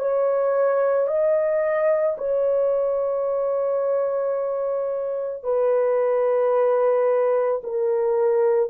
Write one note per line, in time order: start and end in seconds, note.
0.00 1.08 C#5
1.08 2.17 D#5
2.18 5.43 C#5
5.43 7.62 B4
7.64 8.70 A#4